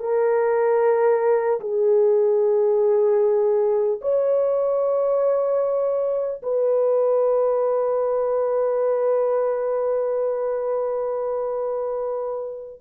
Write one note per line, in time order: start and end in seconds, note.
0.00 1.60 A#4
1.60 4.00 G#4
4.01 6.41 C#5
6.43 12.81 B4